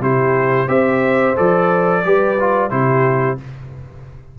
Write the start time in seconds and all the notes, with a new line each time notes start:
0.00 C3 E4 G4 C5
0.68 C4 G4 C5 E5
1.36 F3 A4 D5
2.04 G3 G4 B4
2.40 F4
2.70 C3 E4 G4 C5